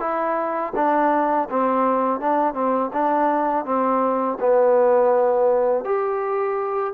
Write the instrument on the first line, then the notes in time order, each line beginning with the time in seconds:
trombone
0.00 E4
0.76 D4
1.50 C4
2.20 D4
2.54 C4
2.93 D4
3.65 C4
4.40 B3
5.85 G4